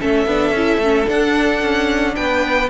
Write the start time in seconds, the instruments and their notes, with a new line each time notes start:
0.00 cello A3, viola C#4, violin A4 E5
0.26 cello B3, viola D4
0.51 cello C#4, viola E4
0.78 cello A3, viola C#4
1.06 viola D4, cello D4, violin F#5
1.63 cello C#4
2.16 cello B3, violin B4 G5